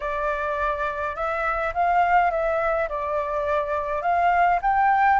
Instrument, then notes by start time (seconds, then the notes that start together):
flute
0.00 D5
1.15 E5
1.74 F5
2.30 E5
2.88 D5
4.02 F5
4.62 G5